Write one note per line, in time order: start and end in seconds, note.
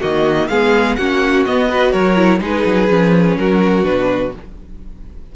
0.00 0.49 D#3
0.00 0.49 A#3
0.00 0.48 F#4
0.00 0.48 D#5
0.48 0.97 G#3
0.48 0.99 B3
0.48 0.98 G#4
0.48 0.95 F5
0.95 1.46 A#3
0.95 1.47 C#4
0.95 1.69 F#4
0.95 1.43 F#5
1.45 1.71 B3
1.45 1.93 B3
1.45 1.92 D#5
1.69 2.16 F#4
1.69 1.92 B4
1.92 2.40 F#3
1.92 2.40 A#4
1.92 2.40 C#5
2.16 2.40 E4
2.40 2.64 G#3
2.40 2.88 D#4
2.40 3.38 G#4
2.40 3.37 B4
2.65 2.89 F#3
2.89 3.37 F3
2.89 3.84 C#4
3.37 3.85 F#3
3.37 4.35 F#4
3.37 3.85 A#4
3.84 4.33 B2
3.84 4.32 D4
3.84 4.33 B4